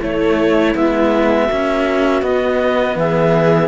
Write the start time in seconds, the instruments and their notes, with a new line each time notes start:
0.00 cello A3, viola E4, clarinet C#5
0.74 cello G#3 B3, clarinet E5
1.45 cello A#3, viola F#4
1.52 cello C#4
2.22 cello B3, clarinet D#5
2.95 cello E3, viola G#4, clarinet E5